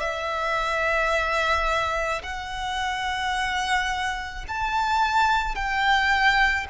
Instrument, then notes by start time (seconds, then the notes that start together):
violin
0.00 E5
2.23 F#5
4.48 A5
5.56 G5